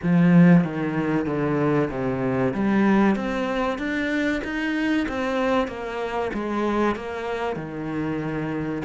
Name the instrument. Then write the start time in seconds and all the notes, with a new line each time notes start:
cello
0.03 F3
0.63 D#3
1.26 D3
1.90 C3
2.53 G3
3.16 C4
3.78 D4
4.44 D#4
5.08 C4
5.67 A#3
6.33 G#3
6.95 A#3
7.56 D#3